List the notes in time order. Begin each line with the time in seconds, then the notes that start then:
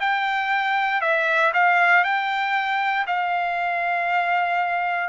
0.00 G5
1.01 E5
1.53 F5
2.04 G5
3.07 F5